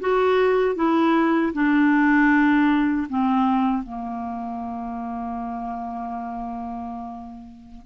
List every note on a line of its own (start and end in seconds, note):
0.00 0.75 F#4
0.75 1.52 E4
1.53 3.07 D4
3.09 3.83 C4
3.83 7.86 A#3